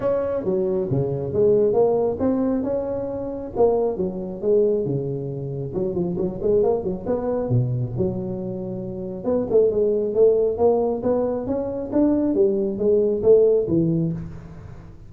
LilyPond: \new Staff \with { instrumentName = "tuba" } { \time 4/4 \tempo 4 = 136 cis'4 fis4 cis4 gis4 | ais4 c'4 cis'2 | ais4 fis4 gis4 cis4~ | cis4 fis8 f8 fis8 gis8 ais8 fis8 |
b4 b,4 fis2~ | fis4 b8 a8 gis4 a4 | ais4 b4 cis'4 d'4 | g4 gis4 a4 e4 | }